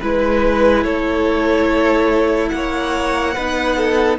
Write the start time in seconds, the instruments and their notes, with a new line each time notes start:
0.00 cello G#3, viola E4, violin B4
0.83 cello A3, violin A4 C#5
2.49 cello A#3, violin F#5
2.55 violin C#5
3.34 cello B3, viola D#4, violin B4
3.77 violin A4